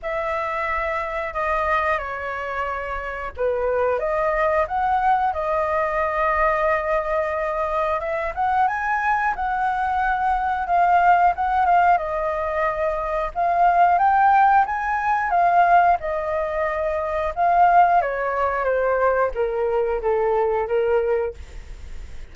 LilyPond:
\new Staff \with { instrumentName = "flute" } { \time 4/4 \tempo 4 = 90 e''2 dis''4 cis''4~ | cis''4 b'4 dis''4 fis''4 | dis''1 | e''8 fis''8 gis''4 fis''2 |
f''4 fis''8 f''8 dis''2 | f''4 g''4 gis''4 f''4 | dis''2 f''4 cis''4 | c''4 ais'4 a'4 ais'4 | }